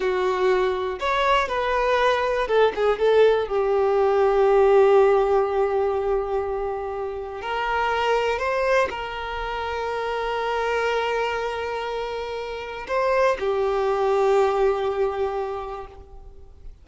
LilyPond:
\new Staff \with { instrumentName = "violin" } { \time 4/4 \tempo 4 = 121 fis'2 cis''4 b'4~ | b'4 a'8 gis'8 a'4 g'4~ | g'1~ | g'2. ais'4~ |
ais'4 c''4 ais'2~ | ais'1~ | ais'2 c''4 g'4~ | g'1 | }